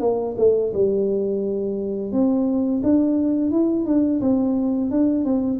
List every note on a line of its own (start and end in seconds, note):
0.00 0.35 A#3
0.37 0.72 A3
0.74 2.12 G3
2.12 2.81 C4
2.83 3.51 D4
3.51 3.85 E4
3.85 4.20 D4
4.21 4.91 C4
4.91 5.25 D4
5.25 5.59 C4